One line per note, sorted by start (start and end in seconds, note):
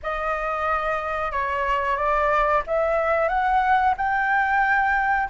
0.02 1.31 D#5
1.31 1.96 C#5
1.96 2.62 D5
2.66 3.28 E5
3.28 3.94 F#5
3.97 5.29 G5